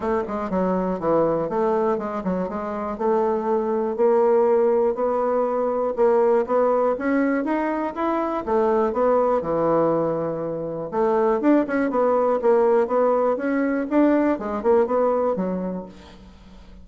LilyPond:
\new Staff \with { instrumentName = "bassoon" } { \time 4/4 \tempo 4 = 121 a8 gis8 fis4 e4 a4 | gis8 fis8 gis4 a2 | ais2 b2 | ais4 b4 cis'4 dis'4 |
e'4 a4 b4 e4~ | e2 a4 d'8 cis'8 | b4 ais4 b4 cis'4 | d'4 gis8 ais8 b4 fis4 | }